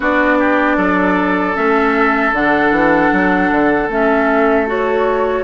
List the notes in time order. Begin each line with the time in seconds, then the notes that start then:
0.00 B3 D4 F#4 D5
0.39 G4
0.76 F#3 A4
1.55 A3 C#4 E5
2.32 D3 D4 F#5
2.71 E3
3.12 F#3
3.51 D3
3.88 A3 C#4 E5
4.66 F#4 C#5